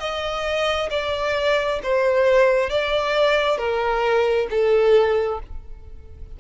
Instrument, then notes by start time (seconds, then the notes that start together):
violin
0.00 D#5
0.91 D5
1.83 C5
2.70 D5
3.58 A#4
4.50 A4